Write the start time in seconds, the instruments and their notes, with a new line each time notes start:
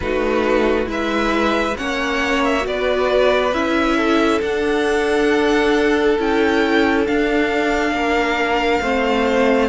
0.00 cello A3, viola D#4, violin F#4 B4
0.86 cello G#3, viola E4, violin B4 E5
1.76 cello A#3, viola C#4, violin C#5 F#5
2.44 violin E5
2.60 cello B3, viola F#4
2.67 violin B4 D5
3.52 cello C#4, viola E4, violin E5
3.96 violin A4
4.41 viola D4, cello D4, violin F#5
6.18 cello C#4, viola E4, violin G5
7.06 viola D4, cello D4, violin F5
7.91 cello A#3, violin A#4
8.81 cello A3, viola C4, violin C5